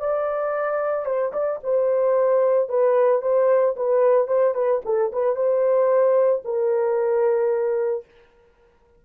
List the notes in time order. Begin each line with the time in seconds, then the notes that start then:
0.00 D5
1.06 C5
1.33 D5
1.64 C5
2.69 B4
3.22 C5
3.76 B4
4.28 C5
4.54 B4
4.85 A4
5.13 B4
5.36 C5
6.45 A#4